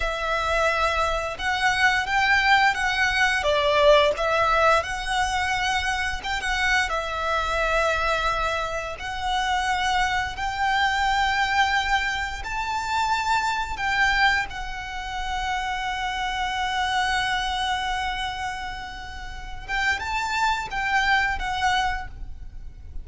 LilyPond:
\new Staff \with { instrumentName = "violin" } { \time 4/4 \tempo 4 = 87 e''2 fis''4 g''4 | fis''4 d''4 e''4 fis''4~ | fis''4 g''16 fis''8. e''2~ | e''4 fis''2 g''4~ |
g''2 a''2 | g''4 fis''2.~ | fis''1~ | fis''8 g''8 a''4 g''4 fis''4 | }